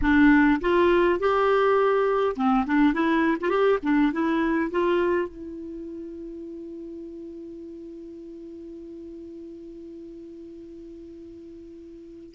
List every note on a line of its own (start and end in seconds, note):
0.01 0.60 D4
0.60 1.19 F4
1.19 2.36 G4
2.36 2.65 C4
2.66 2.93 D4
2.93 3.37 E4
3.40 3.49 F4
3.49 3.78 G4
3.82 4.12 D4
4.12 4.70 E4
4.70 5.28 F4
5.28 12.34 E4